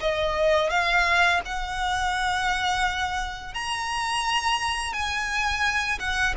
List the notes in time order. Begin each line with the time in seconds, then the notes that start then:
0.00 D#5
0.70 F5
1.45 F#5
3.54 A#5
4.93 G#5
5.99 F#5